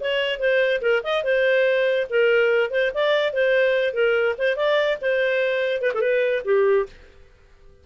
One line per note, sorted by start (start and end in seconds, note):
0.00 0.39 C#5
0.39 0.81 C5
0.81 1.02 A#4
1.03 1.23 D#5
1.23 2.07 C5
2.10 2.70 A#4
2.70 2.91 C5
2.94 3.33 D5
3.33 3.93 C5
3.93 4.35 A#4
4.38 4.56 C5
4.56 4.98 D5
5.01 5.81 C5
5.81 5.91 B4
5.94 6.01 A4
6.01 6.42 B4
6.44 6.86 G4